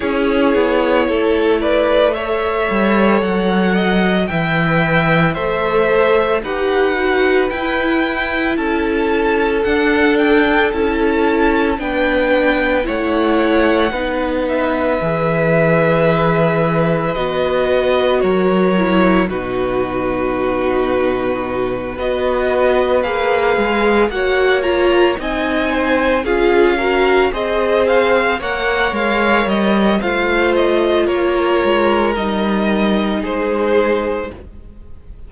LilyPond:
<<
  \new Staff \with { instrumentName = "violin" } { \time 4/4 \tempo 4 = 56 cis''4. d''8 e''4 fis''4 | g''4 e''4 fis''4 g''4 | a''4 fis''8 g''8 a''4 g''4 | fis''4. e''2~ e''8 |
dis''4 cis''4 b'2~ | b'8 dis''4 f''4 fis''8 ais''8 gis''8~ | gis''8 f''4 dis''8 f''8 fis''8 f''8 dis''8 | f''8 dis''8 cis''4 dis''4 c''4 | }
  \new Staff \with { instrumentName = "violin" } { \time 4/4 gis'4 a'8 b'8 cis''4. dis''8 | e''4 c''4 b'2 | a'2. b'4 | cis''4 b'2.~ |
b'4 ais'4 fis'2~ | fis'8 b'2 cis''4 dis''8 | c''8 gis'8 ais'8 c''4 cis''4. | c''4 ais'2 gis'4 | }
  \new Staff \with { instrumentName = "viola" } { \time 4/4 e'2 a'2 | b'4 a'4 g'8 fis'8 e'4~ | e'4 d'4 e'4 d'4 | e'4 dis'4 gis'2 |
fis'4. e'8 dis'2~ | dis'8 fis'4 gis'4 fis'8 f'8 dis'8~ | dis'8 f'8 fis'8 gis'4 ais'4. | f'2 dis'2 | }
  \new Staff \with { instrumentName = "cello" } { \time 4/4 cis'8 b8 a4. g8 fis4 | e4 a4 dis'4 e'4 | cis'4 d'4 cis'4 b4 | a4 b4 e2 |
b4 fis4 b,2~ | b,8 b4 ais8 gis8 ais4 c'8~ | c'8 cis'4 c'4 ais8 gis8 g8 | a4 ais8 gis8 g4 gis4 | }
>>